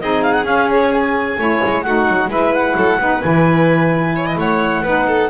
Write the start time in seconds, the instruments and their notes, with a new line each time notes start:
0.00 double bass C4, saxophone D#4, violin G#4, clarinet D#5
0.22 clarinet F5
0.32 clarinet F#5
0.44 saxophone C#4, double bass C#4, clarinet F5
0.70 clarinet C#5
0.93 clarinet G#5
1.37 double bass A3, saxophone E4, violin C#5
1.64 double bass G#3
1.82 double bass A3, saxophone D#4, violin F#4, clarinet F#5
2.08 double bass F#3
2.27 double bass G#3, saxophone E4, violin B4, clarinet E5
2.53 clarinet F#5
2.75 double bass F#3, violin A4
2.99 double bass B3, saxophone D#4, violin B4
3.21 double bass E3, saxophone E4, clarinet G#5
4.15 violin C#5
4.26 violin D#5
4.36 double bass A3, violin C#5, clarinet F#5
4.83 double bass B3, saxophone D#4, violin B4
5.07 violin A4